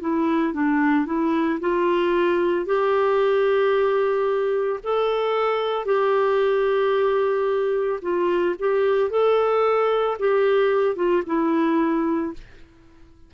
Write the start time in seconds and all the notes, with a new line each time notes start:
0.00 E4
0.53 D4
1.06 E4
1.60 F4
2.65 G4
4.83 A4
5.85 G4
8.02 F4
8.59 G4
9.10 A4
10.19 G4
10.95 F4
11.26 E4